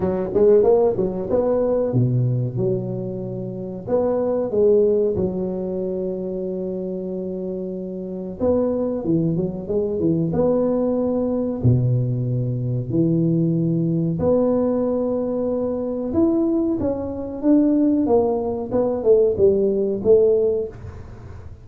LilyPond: \new Staff \with { instrumentName = "tuba" } { \time 4/4 \tempo 4 = 93 fis8 gis8 ais8 fis8 b4 b,4 | fis2 b4 gis4 | fis1~ | fis4 b4 e8 fis8 gis8 e8 |
b2 b,2 | e2 b2~ | b4 e'4 cis'4 d'4 | ais4 b8 a8 g4 a4 | }